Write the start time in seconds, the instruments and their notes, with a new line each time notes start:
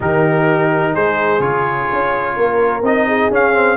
0.00 tuba D#3, trombone D#4, horn G4, trumpet A#4
0.93 tuba G#3, horn G#4, trumpet C5
1.39 tuba C#3, trombone F4, trumpet C#5
1.92 tuba C#4
2.35 tuba A#3, horn A#4
2.82 tuba C4, trombone D#4, trumpet D#5
3.06 horn G#4
3.30 tuba C#4, trombone C#4, trumpet F5
3.53 trombone C4